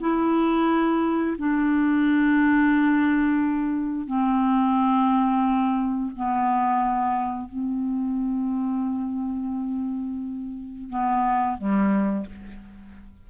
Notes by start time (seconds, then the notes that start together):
0.00 E4
1.38 D4
4.07 C4
6.16 B3
7.48 C4
10.89 B3
11.58 G3